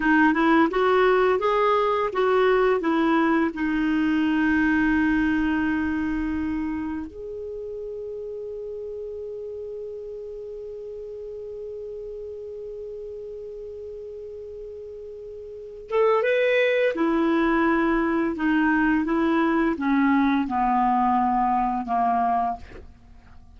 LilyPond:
\new Staff \with { instrumentName = "clarinet" } { \time 4/4 \tempo 4 = 85 dis'8 e'8 fis'4 gis'4 fis'4 | e'4 dis'2.~ | dis'2 gis'2~ | gis'1~ |
gis'1~ | gis'2~ gis'8 a'8 b'4 | e'2 dis'4 e'4 | cis'4 b2 ais4 | }